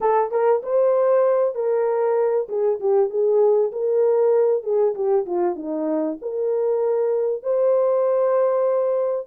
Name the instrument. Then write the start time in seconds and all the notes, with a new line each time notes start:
horn
0.00 A4
0.31 A#4
0.62 C5
1.54 A#4
2.48 G#4
2.80 G4
3.09 G#4
3.72 A#4
4.63 G#4
4.94 G4
5.26 F4
5.55 D#4
6.21 A#4
7.42 C5